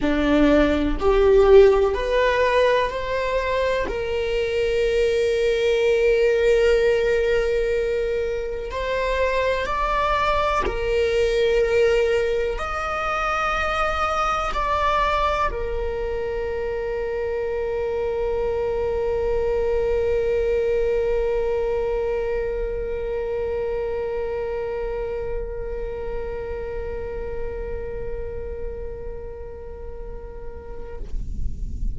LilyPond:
\new Staff \with { instrumentName = "viola" } { \time 4/4 \tempo 4 = 62 d'4 g'4 b'4 c''4 | ais'1~ | ais'4 c''4 d''4 ais'4~ | ais'4 dis''2 d''4 |
ais'1~ | ais'1~ | ais'1~ | ais'1 | }